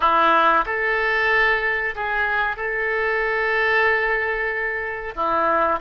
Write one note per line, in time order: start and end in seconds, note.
0.00 0.64 E4
0.65 1.94 A4
1.95 2.56 G#4
2.56 5.14 A4
5.15 5.79 E4